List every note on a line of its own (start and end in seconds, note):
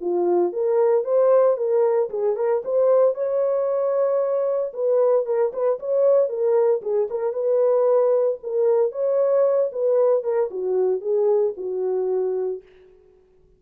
0.00 0.52 F4
0.52 1.04 A#4
1.04 1.56 C5
1.56 2.09 A#4
2.10 2.36 G#4
2.36 2.62 A#4
2.64 3.14 C5
3.14 4.72 C#5
4.73 5.25 B4
5.25 5.52 A#4
5.52 5.79 B4
5.79 6.28 C#5
6.28 6.81 A#4
6.82 7.08 G#4
7.10 7.33 A#4
7.33 8.38 B4
8.43 8.91 A#4
8.91 9.70 C#5
9.72 10.23 B4
10.23 10.49 A#4
10.50 11.01 F#4
11.01 11.53 G#4
11.57 12.62 F#4